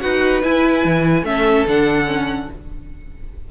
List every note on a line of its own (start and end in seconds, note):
0.00 0.43 D#4
0.00 0.41 F#4
0.00 1.26 B4
0.00 0.41 F#5
0.43 0.84 E4
0.43 1.25 E4
0.43 1.25 G#5
0.85 1.22 E3
1.22 1.64 A3
1.22 1.66 C#4
1.22 2.51 A4
1.22 1.66 E5
1.66 2.49 D3
1.66 2.05 D4
1.66 2.51 F#5
2.05 2.47 C#4